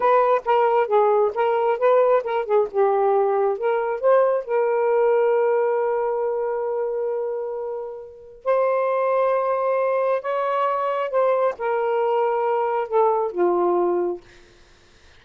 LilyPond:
\new Staff \with { instrumentName = "saxophone" } { \time 4/4 \tempo 4 = 135 b'4 ais'4 gis'4 ais'4 | b'4 ais'8 gis'8 g'2 | ais'4 c''4 ais'2~ | ais'1~ |
ais'2. c''4~ | c''2. cis''4~ | cis''4 c''4 ais'2~ | ais'4 a'4 f'2 | }